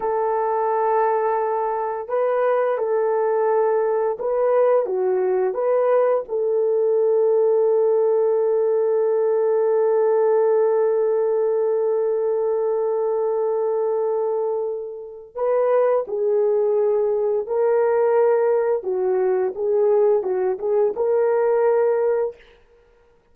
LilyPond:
\new Staff \with { instrumentName = "horn" } { \time 4/4 \tempo 4 = 86 a'2. b'4 | a'2 b'4 fis'4 | b'4 a'2.~ | a'1~ |
a'1~ | a'2 b'4 gis'4~ | gis'4 ais'2 fis'4 | gis'4 fis'8 gis'8 ais'2 | }